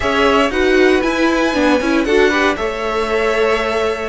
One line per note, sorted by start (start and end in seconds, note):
0.00 0.49 C#4
0.00 0.50 G#4
0.00 0.52 C#5
0.00 0.50 E5
0.49 1.01 D#4
0.49 1.02 F#4
0.49 2.05 B4
0.49 1.01 F#5
1.01 1.53 E4
1.01 1.54 E4
1.01 2.04 G#5
1.53 1.80 B3
1.53 1.79 D4
1.80 2.05 C#4
1.80 2.06 E4
2.04 2.56 D4
2.04 2.31 F#4
2.04 2.29 A4
2.04 2.55 F#5
2.29 2.56 G4
2.29 2.55 B4
2.55 4.09 A3
2.55 4.09 A4
2.55 4.09 C#5
2.55 4.09 E5